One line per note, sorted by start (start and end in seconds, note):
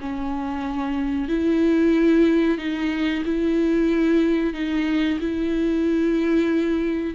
0.00 1.28 C#4
1.28 2.58 E4
2.58 3.23 D#4
3.25 4.54 E4
4.54 5.19 D#4
5.20 7.14 E4